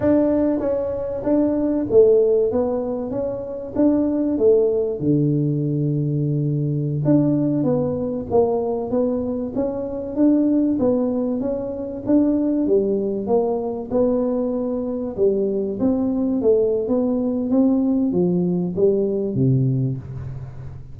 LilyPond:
\new Staff \with { instrumentName = "tuba" } { \time 4/4 \tempo 4 = 96 d'4 cis'4 d'4 a4 | b4 cis'4 d'4 a4 | d2.~ d16 d'8.~ | d'16 b4 ais4 b4 cis'8.~ |
cis'16 d'4 b4 cis'4 d'8.~ | d'16 g4 ais4 b4.~ b16~ | b16 g4 c'4 a8. b4 | c'4 f4 g4 c4 | }